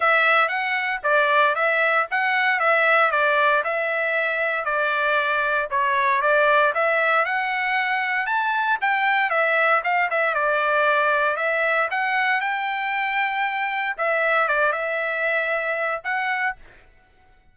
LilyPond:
\new Staff \with { instrumentName = "trumpet" } { \time 4/4 \tempo 4 = 116 e''4 fis''4 d''4 e''4 | fis''4 e''4 d''4 e''4~ | e''4 d''2 cis''4 | d''4 e''4 fis''2 |
a''4 g''4 e''4 f''8 e''8 | d''2 e''4 fis''4 | g''2. e''4 | d''8 e''2~ e''8 fis''4 | }